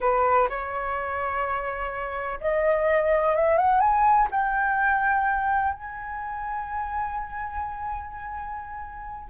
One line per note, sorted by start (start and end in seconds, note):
0.00 0.48 B4
0.49 2.39 C#5
2.40 3.35 D#5
3.35 3.57 E5
3.57 3.80 F#5
3.80 4.27 G#5
4.31 5.73 G5
5.73 9.30 G#5